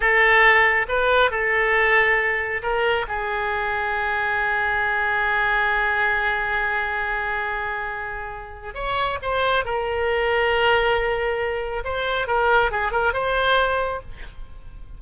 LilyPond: \new Staff \with { instrumentName = "oboe" } { \time 4/4 \tempo 4 = 137 a'2 b'4 a'4~ | a'2 ais'4 gis'4~ | gis'1~ | gis'1~ |
gis'1 | cis''4 c''4 ais'2~ | ais'2. c''4 | ais'4 gis'8 ais'8 c''2 | }